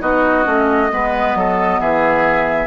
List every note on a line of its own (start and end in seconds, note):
0.00 0.45 B3
0.00 0.44 D#4
0.00 0.91 F#4
0.00 1.79 D#5
0.44 0.90 A3
0.44 0.88 C#4
0.91 1.34 G#3
0.91 2.66 B3
0.91 1.37 B4
1.34 1.79 F#3
1.34 1.80 A4
1.79 2.66 E3
1.79 2.66 G#4
1.79 2.66 E5